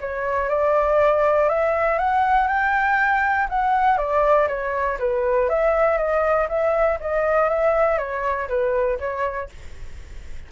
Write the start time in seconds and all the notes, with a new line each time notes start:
0.00 C#5
0.48 D5
1.48 E5
1.98 F#5
2.47 G5
3.49 F#5
3.97 D5
4.48 C#5
4.99 B4
5.49 E5
5.97 D#5
6.48 E5
7.00 D#5
7.49 E5
7.98 C#5
8.48 B4
8.99 C#5